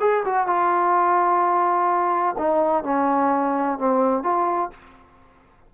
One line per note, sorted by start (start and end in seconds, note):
0.00 0.24 G#4
0.25 0.47 F#4
0.47 2.36 F4
2.38 2.84 D#4
2.84 3.78 C#4
3.78 4.23 C4
4.23 4.71 F4